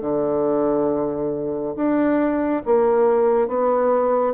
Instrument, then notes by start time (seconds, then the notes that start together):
bassoon
0.00 D3
1.75 D4
2.65 A#3
3.47 B3